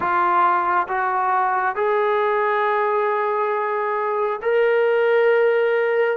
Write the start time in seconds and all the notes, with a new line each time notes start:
0.00 F4
0.88 F#4
1.75 G#4
4.42 A#4